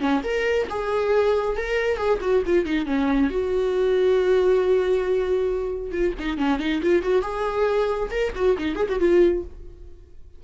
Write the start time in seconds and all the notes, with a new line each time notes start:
0.00 C#4
0.24 A#4
0.70 G#4
1.57 A#4
1.97 G#4
2.21 F#4
2.46 F4
2.65 D#4
2.86 C#4
3.30 F#4
5.91 F4
6.19 D#4
6.37 C#4
6.59 D#4
6.82 F4
7.02 F#4
7.22 G#4
8.11 A#4
8.35 F#4
8.58 D#4
8.76 G#4
8.89 F#4
9.00 F4